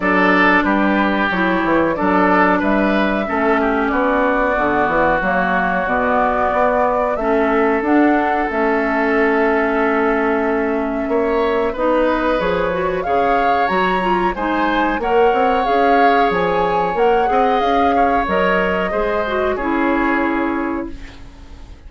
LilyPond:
<<
  \new Staff \with { instrumentName = "flute" } { \time 4/4 \tempo 4 = 92 d''4 b'4 cis''4 d''4 | e''2 d''2 | cis''4 d''2 e''4 | fis''4 e''2.~ |
e''2 dis''4 cis''4 | f''4 ais''4 gis''4 fis''4 | f''4 gis''4 fis''4 f''4 | dis''2 cis''2 | }
  \new Staff \with { instrumentName = "oboe" } { \time 4/4 a'4 g'2 a'4 | b'4 a'8 g'8 fis'2~ | fis'2. a'4~ | a'1~ |
a'4 cis''4 b'2 | cis''2 c''4 cis''4~ | cis''2~ cis''8 dis''4 cis''8~ | cis''4 c''4 gis'2 | }
  \new Staff \with { instrumentName = "clarinet" } { \time 4/4 d'2 e'4 d'4~ | d'4 cis'2 b4 | ais4 b2 cis'4 | d'4 cis'2.~ |
cis'2 dis'4 gis'8 fis'8 | gis'4 fis'8 f'8 dis'4 ais'4 | gis'2 ais'8 gis'4. | ais'4 gis'8 fis'8 e'2 | }
  \new Staff \with { instrumentName = "bassoon" } { \time 4/4 fis4 g4 fis8 e8 fis4 | g4 a4 b4 d8 e8 | fis4 b,4 b4 a4 | d'4 a2.~ |
a4 ais4 b4 f4 | cis4 fis4 gis4 ais8 c'8 | cis'4 f4 ais8 c'8 cis'4 | fis4 gis4 cis'2 | }
>>